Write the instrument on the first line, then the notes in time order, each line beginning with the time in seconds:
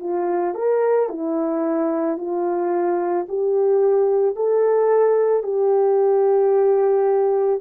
horn
0.00 F4
0.55 A#4
1.09 E4
2.18 F4
3.29 G4
4.36 A4
5.43 G4